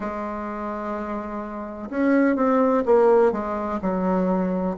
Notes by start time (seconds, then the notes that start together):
0.00 G#3
1.90 C#4
2.35 C4
2.85 A#3
3.32 G#3
3.81 F#3